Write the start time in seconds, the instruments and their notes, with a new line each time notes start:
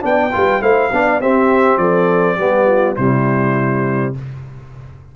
0.00 tuba B3, trombone D4, horn D5, trumpet G5
0.32 tuba G3, trombone F4, horn B4
0.61 tuba A3, trombone E4, horn C5, trumpet F5
0.92 tuba B3, trombone D4, horn D5
1.20 tuba C4, trombone C4, horn G4, trumpet E5
1.77 tuba F3, horn A4, trumpet D5
2.35 tuba G3, trombone B3, horn G4
2.66 horn F4
2.96 tuba C3, trombone G3, horn E4, trumpet C5